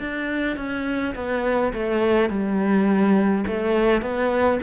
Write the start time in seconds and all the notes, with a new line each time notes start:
0.00 D4
0.57 C#4
1.15 B3
1.73 A3
2.30 G3
3.47 A3
4.02 B3